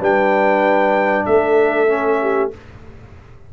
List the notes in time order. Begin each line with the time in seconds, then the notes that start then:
0.00 G3 D4 B4 G5
1.25 A3 A4 E5
1.88 C#4
2.22 G4